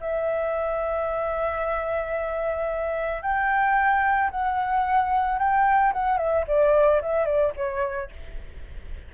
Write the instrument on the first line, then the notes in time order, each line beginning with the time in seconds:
flute
0.00 E5
3.22 G5
4.30 F#5
5.39 G5
5.93 F#5
6.17 E5
6.47 D5
7.02 E5
7.26 D5
7.56 C#5